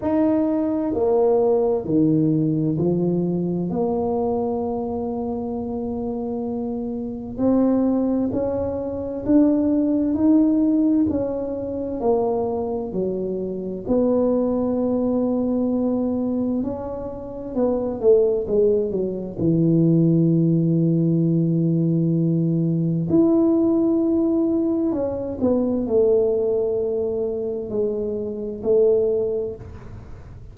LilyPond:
\new Staff \with { instrumentName = "tuba" } { \time 4/4 \tempo 4 = 65 dis'4 ais4 dis4 f4 | ais1 | c'4 cis'4 d'4 dis'4 | cis'4 ais4 fis4 b4~ |
b2 cis'4 b8 a8 | gis8 fis8 e2.~ | e4 e'2 cis'8 b8 | a2 gis4 a4 | }